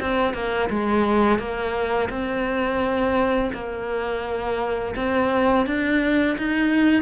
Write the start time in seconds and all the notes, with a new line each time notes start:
0.00 C4
0.34 A#3
0.70 G#3
1.39 A#3
2.10 C4
3.54 A#3
4.96 C4
5.66 D4
6.38 D#4